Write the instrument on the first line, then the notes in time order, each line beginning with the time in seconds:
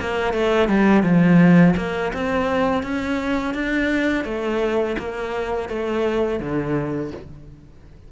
cello
0.00 A#3
0.33 A3
0.68 G3
1.03 F3
1.76 A#3
2.13 C4
2.82 C#4
3.54 D4
4.24 A3
4.98 A#3
5.69 A3
6.39 D3